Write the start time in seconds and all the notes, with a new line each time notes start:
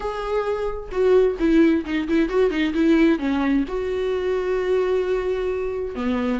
0.00 G#4
0.91 F#4
1.39 E4
1.85 D#4
2.08 E4
2.29 F#4
2.50 D#4
2.74 E4
3.18 C#4
3.68 F#4
5.95 B3